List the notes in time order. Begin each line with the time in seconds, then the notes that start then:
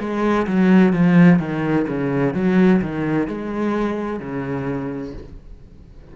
0.00 G#3
0.47 F#3
0.93 F3
1.40 D#3
1.88 C#3
2.34 F#3
2.82 D#3
3.28 G#3
4.20 C#3